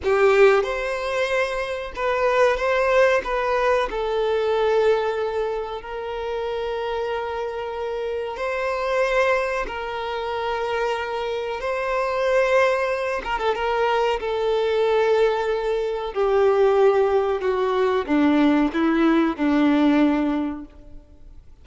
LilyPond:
\new Staff \with { instrumentName = "violin" } { \time 4/4 \tempo 4 = 93 g'4 c''2 b'4 | c''4 b'4 a'2~ | a'4 ais'2.~ | ais'4 c''2 ais'4~ |
ais'2 c''2~ | c''8 ais'16 a'16 ais'4 a'2~ | a'4 g'2 fis'4 | d'4 e'4 d'2 | }